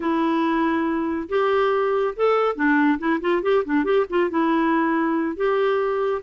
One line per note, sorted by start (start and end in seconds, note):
0.00 1.28 E4
1.28 2.14 G4
2.16 2.55 A4
2.55 2.98 D4
2.98 3.20 E4
3.20 3.42 F4
3.42 3.64 G4
3.64 3.84 D4
3.84 4.05 G4
4.09 4.30 F4
4.30 5.36 E4
5.36 6.22 G4